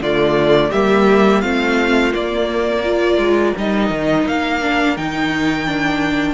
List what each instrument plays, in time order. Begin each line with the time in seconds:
0.00 cello D3, viola A3, violin F4 D5
0.70 cello G3, viola A#3, violin G4 E5
1.41 cello A3, viola C4, violin F4 F5
2.12 viola A#3, cello A#3, violin D5
2.82 viola F4, violin A#4
3.17 cello G#3
3.57 cello G3, viola D#4, violin D#5
3.90 cello D#3
4.26 cello A#3, violin F5
4.61 viola D4
4.96 cello D#3, viola D#4, violin G5
5.66 viola D4